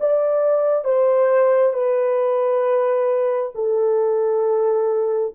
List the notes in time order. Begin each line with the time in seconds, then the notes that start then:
0.00 D5
0.85 C5
1.73 B4
3.55 A4